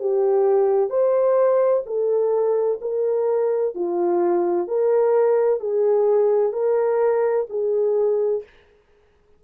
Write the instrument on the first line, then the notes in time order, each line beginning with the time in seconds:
horn
0.00 G4
0.90 C5
1.87 A4
2.82 A#4
3.75 F4
4.68 A#4
5.60 G#4
6.53 A#4
7.50 G#4